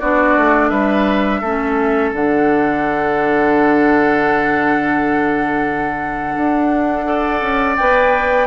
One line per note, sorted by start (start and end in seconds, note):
0.00 0.37 B3
0.00 1.43 D4
0.00 0.70 F#4
0.00 0.70 D5
0.37 0.71 A3
0.70 1.42 G3
0.70 1.41 B4
0.70 2.11 E5
1.41 2.12 A3
1.41 2.15 C#4
1.41 7.06 A4
2.12 6.36 D3
2.12 7.05 D4
2.12 7.77 F#5
6.37 7.41 D4
7.05 7.76 A4
7.05 8.47 D5
7.41 7.77 C#4
7.77 8.47 B3
7.77 8.47 B4
7.77 8.47 G5